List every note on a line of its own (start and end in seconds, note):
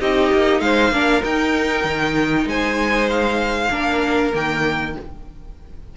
0.00 0.31 C4
0.00 0.93 D#4
0.00 0.62 G4
0.00 0.60 D#5
0.33 0.61 A#3
0.60 0.91 G#3
0.60 0.94 C5
0.60 1.22 F5
0.91 1.22 A#3
0.91 1.20 D4
0.91 2.48 A#4
1.20 3.68 D#4
1.20 1.84 D#4
1.20 2.48 G5
1.84 2.46 D#3
2.46 3.69 G#3
2.46 3.72 C5
2.46 3.10 G#5
3.10 4.33 F5
3.70 4.33 A#3
3.70 4.32 D4
3.70 4.96 A#4
4.33 4.96 D#3
4.33 4.95 A#3
4.33 4.97 G5